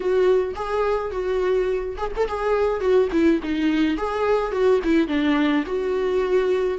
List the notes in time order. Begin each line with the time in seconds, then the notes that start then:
0.00 F#4
0.55 G#4
1.11 F#4
1.97 G#4
2.16 A4
2.27 G#4
2.80 F#4
3.12 E4
3.42 D#4
3.97 G#4
4.51 F#4
4.84 E4
5.07 D4
5.66 F#4